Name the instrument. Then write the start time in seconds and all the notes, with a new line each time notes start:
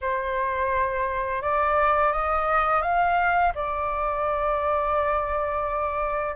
flute
0.01 C5
1.41 D5
2.12 D#5
2.82 F5
3.55 D5